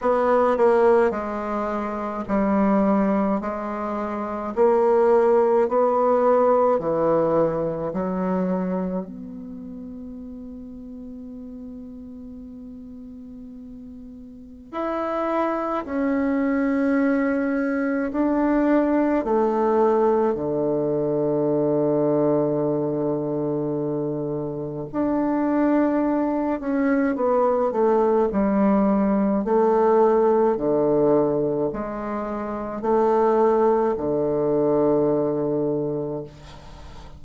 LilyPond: \new Staff \with { instrumentName = "bassoon" } { \time 4/4 \tempo 4 = 53 b8 ais8 gis4 g4 gis4 | ais4 b4 e4 fis4 | b1~ | b4 e'4 cis'2 |
d'4 a4 d2~ | d2 d'4. cis'8 | b8 a8 g4 a4 d4 | gis4 a4 d2 | }